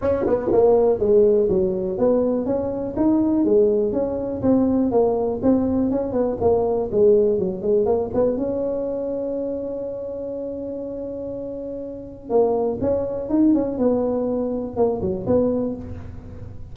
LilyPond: \new Staff \with { instrumentName = "tuba" } { \time 4/4 \tempo 4 = 122 cis'8 b8 ais4 gis4 fis4 | b4 cis'4 dis'4 gis4 | cis'4 c'4 ais4 c'4 | cis'8 b8 ais4 gis4 fis8 gis8 |
ais8 b8 cis'2.~ | cis'1~ | cis'4 ais4 cis'4 dis'8 cis'8 | b2 ais8 fis8 b4 | }